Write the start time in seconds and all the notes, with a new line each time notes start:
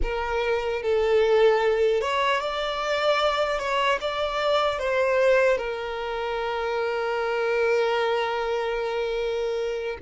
0.02 A#4
0.82 A4
2.01 C#5
2.40 D5
3.58 C#5
4.00 D5
4.79 C5
5.57 A#4